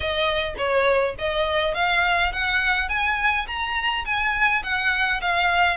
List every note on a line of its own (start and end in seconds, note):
0.00 0.55 D#5
0.57 1.15 C#5
1.18 1.74 D#5
1.74 2.32 F5
2.32 2.88 F#5
2.88 3.46 G#5
3.47 4.05 A#5
4.05 4.62 G#5
4.63 5.20 F#5
5.21 5.77 F5